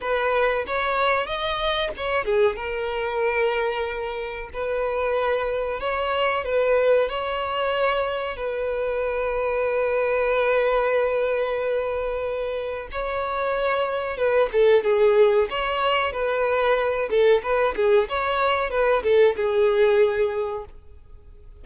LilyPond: \new Staff \with { instrumentName = "violin" } { \time 4/4 \tempo 4 = 93 b'4 cis''4 dis''4 cis''8 gis'8 | ais'2. b'4~ | b'4 cis''4 b'4 cis''4~ | cis''4 b'2.~ |
b'1 | cis''2 b'8 a'8 gis'4 | cis''4 b'4. a'8 b'8 gis'8 | cis''4 b'8 a'8 gis'2 | }